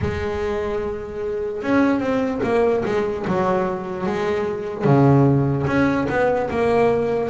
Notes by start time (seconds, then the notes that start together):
0.01 G#3
1.62 C#4
1.99 C4
2.43 A#3
2.85 G#3
3.27 F#3
4.06 G#3
4.84 C#3
5.66 C#4
6.09 B3
6.50 A#3